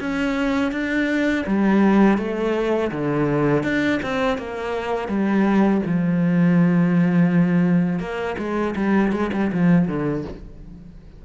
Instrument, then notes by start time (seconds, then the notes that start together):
cello
0.00 C#4
0.72 D4
1.46 G3
2.18 A3
2.91 D3
3.63 D4
4.02 C4
4.38 A#3
5.08 G3
5.86 F3
7.99 A#3
8.38 G#3
8.75 G3
9.12 G#3
9.33 G3
9.53 F3
9.88 D3